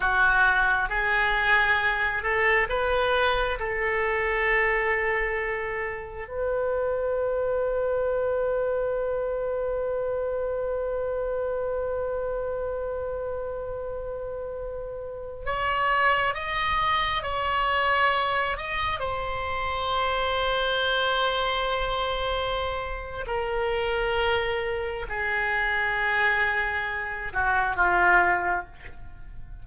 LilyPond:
\new Staff \with { instrumentName = "oboe" } { \time 4/4 \tempo 4 = 67 fis'4 gis'4. a'8 b'4 | a'2. b'4~ | b'1~ | b'1~ |
b'4~ b'16 cis''4 dis''4 cis''8.~ | cis''8. dis''8 c''2~ c''8.~ | c''2 ais'2 | gis'2~ gis'8 fis'8 f'4 | }